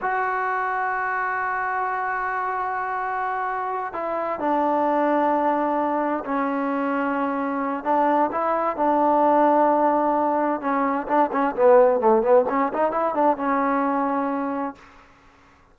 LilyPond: \new Staff \with { instrumentName = "trombone" } { \time 4/4 \tempo 4 = 130 fis'1~ | fis'1~ | fis'8 e'4 d'2~ d'8~ | d'4. cis'2~ cis'8~ |
cis'4 d'4 e'4 d'4~ | d'2. cis'4 | d'8 cis'8 b4 a8 b8 cis'8 dis'8 | e'8 d'8 cis'2. | }